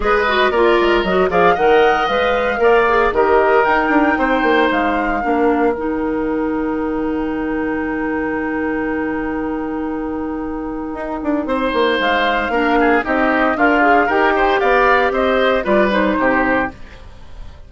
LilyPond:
<<
  \new Staff \with { instrumentName = "flute" } { \time 4/4 \tempo 4 = 115 dis''4 d''4 dis''8 f''8 fis''4 | f''2 dis''4 g''4~ | g''4 f''2 g''4~ | g''1~ |
g''1~ | g''2. f''4~ | f''4 dis''4 f''4 g''4 | f''4 dis''4 d''8 c''4. | }
  \new Staff \with { instrumentName = "oboe" } { \time 4/4 b'4 ais'4. d''8 dis''4~ | dis''4 d''4 ais'2 | c''2 ais'2~ | ais'1~ |
ais'1~ | ais'2 c''2 | ais'8 gis'8 g'4 f'4 ais'8 c''8 | d''4 c''4 b'4 g'4 | }
  \new Staff \with { instrumentName = "clarinet" } { \time 4/4 gis'8 fis'8 f'4 fis'8 gis'8 ais'4 | b'4 ais'8 gis'8 g'4 dis'4~ | dis'2 d'4 dis'4~ | dis'1~ |
dis'1~ | dis'1 | d'4 dis'4 ais'8 gis'8 g'4~ | g'2 f'8 dis'4. | }
  \new Staff \with { instrumentName = "bassoon" } { \time 4/4 gis4 ais8 gis8 fis8 f8 dis4 | gis4 ais4 dis4 dis'8 d'8 | c'8 ais8 gis4 ais4 dis4~ | dis1~ |
dis1~ | dis4 dis'8 d'8 c'8 ais8 gis4 | ais4 c'4 d'4 dis'4 | b4 c'4 g4 c4 | }
>>